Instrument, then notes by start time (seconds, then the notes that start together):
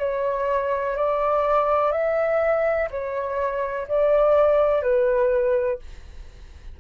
flute
0.00 C#5
0.97 D5
1.92 E5
2.91 C#5
3.88 D5
4.83 B4